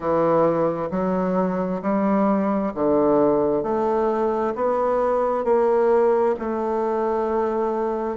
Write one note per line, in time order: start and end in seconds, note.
0.00 0.88 E3
0.90 1.81 F#3
1.82 2.73 G3
2.74 3.63 D3
3.63 4.54 A3
4.55 5.44 B3
5.44 6.35 A#3
6.39 8.16 A3